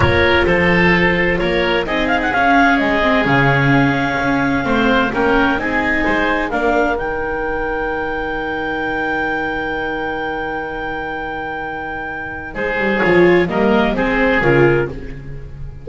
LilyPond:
<<
  \new Staff \with { instrumentName = "clarinet" } { \time 4/4 \tempo 4 = 129 cis''4 c''2 cis''4 | dis''8 f''16 fis''16 f''4 dis''4 f''4~ | f''2. g''4 | gis''2 f''4 g''4~ |
g''1~ | g''1~ | g''2. c''4 | cis''4 dis''4 c''4 ais'4 | }
  \new Staff \with { instrumentName = "oboe" } { \time 4/4 ais'4 a'2 ais'4 | gis'1~ | gis'2 c''4 ais'4 | gis'4 c''4 ais'2~ |
ais'1~ | ais'1~ | ais'2. gis'4~ | gis'4 ais'4 gis'2 | }
  \new Staff \with { instrumentName = "viola" } { \time 4/4 f'1 | dis'4 cis'4. c'8 cis'4~ | cis'2 c'4 cis'4 | dis'2 d'4 dis'4~ |
dis'1~ | dis'1~ | dis'1 | f'4 ais4 c'4 f'4 | }
  \new Staff \with { instrumentName = "double bass" } { \time 4/4 ais4 f2 ais4 | c'4 cis'4 gis4 cis4~ | cis4 cis'4 a4 ais4 | c'4 gis4 ais4 dis4~ |
dis1~ | dis1~ | dis2. gis8 g8 | f4 g4 gis4 cis4 | }
>>